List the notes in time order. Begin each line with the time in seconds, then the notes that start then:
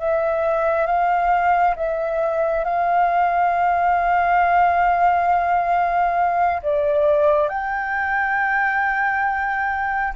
0.00 E5
0.87 F5
1.76 E5
2.65 F5
6.63 D5
7.49 G5